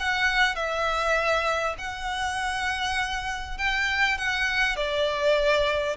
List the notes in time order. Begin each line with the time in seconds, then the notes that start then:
0.00 F#5
0.55 E5
1.78 F#5
3.58 G5
4.18 F#5
4.76 D5